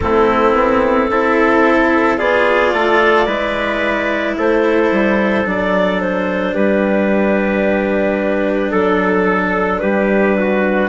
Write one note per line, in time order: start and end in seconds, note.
0.00 0.52 A3
0.00 1.10 C4
0.00 1.10 E4
0.00 2.17 A4
0.52 1.06 B3
1.10 2.19 C4
1.10 2.17 E4
1.10 2.18 A4
2.17 2.72 B3
2.17 3.26 F4
2.17 2.72 G#4
2.17 4.35 D5
2.72 3.26 A3
2.72 3.26 A4
3.26 4.35 G#3
3.26 5.44 E4
3.26 4.35 B4
4.37 4.91 A3
4.37 6.54 A4
4.37 5.47 C5
4.91 5.45 G3
5.44 6.54 F#3
5.44 10.89 D4
5.44 6.00 D5
6.00 6.54 C5
6.54 8.72 G3
6.54 8.71 G4
6.54 8.72 B4
8.71 9.81 F#3
8.71 9.80 A4
8.71 9.79 A4
9.79 10.89 G3
9.79 10.36 G4
9.79 10.88 B4
10.39 10.89 F#4